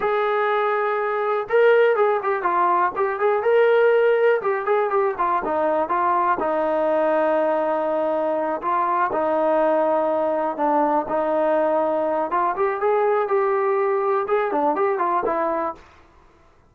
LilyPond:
\new Staff \with { instrumentName = "trombone" } { \time 4/4 \tempo 4 = 122 gis'2. ais'4 | gis'8 g'8 f'4 g'8 gis'8 ais'4~ | ais'4 g'8 gis'8 g'8 f'8 dis'4 | f'4 dis'2.~ |
dis'4. f'4 dis'4.~ | dis'4. d'4 dis'4.~ | dis'4 f'8 g'8 gis'4 g'4~ | g'4 gis'8 d'8 g'8 f'8 e'4 | }